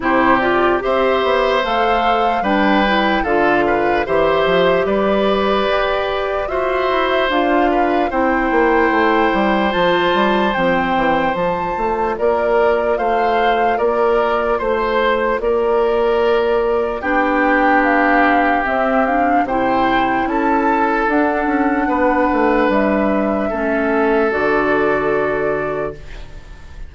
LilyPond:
<<
  \new Staff \with { instrumentName = "flute" } { \time 4/4 \tempo 4 = 74 c''8 d''8 e''4 f''4 g''4 | f''4 e''4 d''2 | e''4 f''4 g''2 | a''4 g''4 a''4 d''4 |
f''4 d''4 c''4 d''4~ | d''4 g''4 f''4 e''8 f''8 | g''4 a''4 fis''2 | e''2 d''2 | }
  \new Staff \with { instrumentName = "oboe" } { \time 4/4 g'4 c''2 b'4 | a'8 b'8 c''4 b'2 | c''4. b'8 c''2~ | c''2. ais'4 |
c''4 ais'4 c''4 ais'4~ | ais'4 g'2. | c''4 a'2 b'4~ | b'4 a'2. | }
  \new Staff \with { instrumentName = "clarinet" } { \time 4/4 e'8 f'8 g'4 a'4 d'8 e'8 | f'4 g'2. | fis'4 f'4 e'2 | f'4 c'4 f'2~ |
f'1~ | f'4 d'2 c'8 d'8 | e'2 d'2~ | d'4 cis'4 fis'2 | }
  \new Staff \with { instrumentName = "bassoon" } { \time 4/4 c4 c'8 b8 a4 g4 | d4 e8 f8 g4 g'4 | f'8 e'8 d'4 c'8 ais8 a8 g8 | f8 g8 f8 e8 f8 a8 ais4 |
a4 ais4 a4 ais4~ | ais4 b2 c'4 | c4 cis'4 d'8 cis'8 b8 a8 | g4 a4 d2 | }
>>